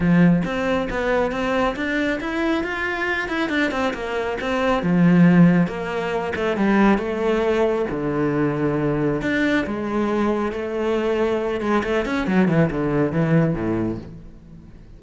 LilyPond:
\new Staff \with { instrumentName = "cello" } { \time 4/4 \tempo 4 = 137 f4 c'4 b4 c'4 | d'4 e'4 f'4. e'8 | d'8 c'8 ais4 c'4 f4~ | f4 ais4. a8 g4 |
a2 d2~ | d4 d'4 gis2 | a2~ a8 gis8 a8 cis'8 | fis8 e8 d4 e4 a,4 | }